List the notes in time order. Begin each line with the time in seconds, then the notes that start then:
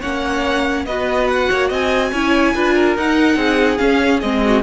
0.00 A#3 C#4 C#5 F#5
0.86 B3 F#4 B4 D#5
1.28 F#5
1.50 A#3 C#5
1.69 C4 D#5 G#5
2.12 C#4 E4 C#5
2.55 D4 F4 B4
2.75 A#4
2.97 D#4 F#5
3.36 C4 G#4
3.78 C#4 F5
4.21 G#3 C4 D#5
4.45 F#4